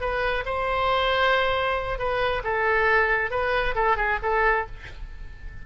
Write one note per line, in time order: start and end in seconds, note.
0.00 0.44 B4
0.45 1.98 C5
1.98 2.42 B4
2.43 3.30 A4
3.30 3.74 B4
3.75 3.96 A4
3.96 4.18 G#4
4.22 4.66 A4